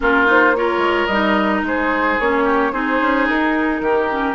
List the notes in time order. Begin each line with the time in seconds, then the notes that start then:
0.00 A#3 C#4 F4 A#4
0.26 D#4 C5
0.56 F4 A#4 C#5
0.77 G#3
1.06 G3 D#4 D#5
1.62 G#3 G#4 C5
2.19 A#3 C#4 C#5
2.44 G4
2.72 C4 D#4 G#4 C5
3.01 C#4
3.27 D#4 A#4
3.80 D#3 G4
4.09 C#4